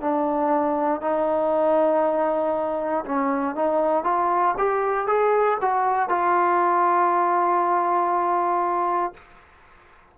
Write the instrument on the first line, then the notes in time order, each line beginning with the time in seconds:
trombone
0.00 D4
1.01 D#4
3.05 C#4
3.55 D#4
4.04 F4
4.58 G4
5.07 G#4
5.61 F#4
6.08 F4